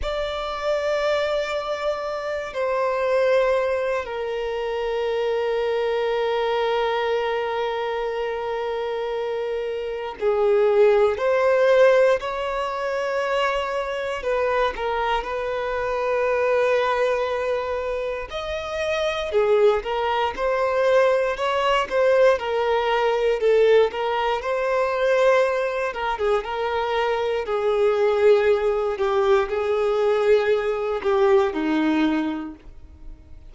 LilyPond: \new Staff \with { instrumentName = "violin" } { \time 4/4 \tempo 4 = 59 d''2~ d''8 c''4. | ais'1~ | ais'2 gis'4 c''4 | cis''2 b'8 ais'8 b'4~ |
b'2 dis''4 gis'8 ais'8 | c''4 cis''8 c''8 ais'4 a'8 ais'8 | c''4. ais'16 gis'16 ais'4 gis'4~ | gis'8 g'8 gis'4. g'8 dis'4 | }